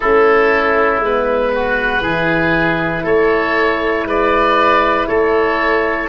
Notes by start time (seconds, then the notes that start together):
0.00 A3 C#4 E4 A4
0.99 G#3 B4
1.05 B3
1.54 F#4
2.01 E3 E4 G#4
3.03 A3 A4 C#5
4.04 G#3 B4 D5
5.06 A3 A4 C#5